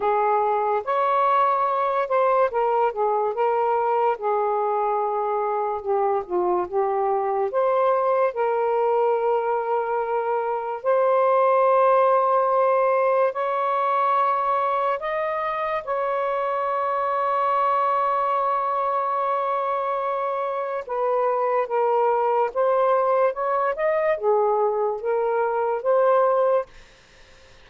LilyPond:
\new Staff \with { instrumentName = "saxophone" } { \time 4/4 \tempo 4 = 72 gis'4 cis''4. c''8 ais'8 gis'8 | ais'4 gis'2 g'8 f'8 | g'4 c''4 ais'2~ | ais'4 c''2. |
cis''2 dis''4 cis''4~ | cis''1~ | cis''4 b'4 ais'4 c''4 | cis''8 dis''8 gis'4 ais'4 c''4 | }